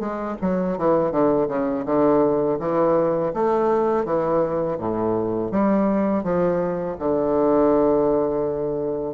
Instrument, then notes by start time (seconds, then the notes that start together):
bassoon
0.00 G#3
0.41 F#3
0.78 E3
1.11 D3
1.48 C#3
1.86 D3
2.60 E3
3.34 A3
4.05 E3
4.78 A2
5.51 G3
6.24 F3
6.99 D3